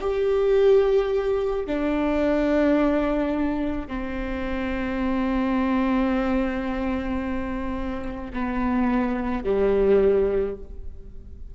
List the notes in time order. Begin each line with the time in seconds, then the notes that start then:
0.00 G4
1.66 D4
3.87 C4
8.33 B3
9.43 G3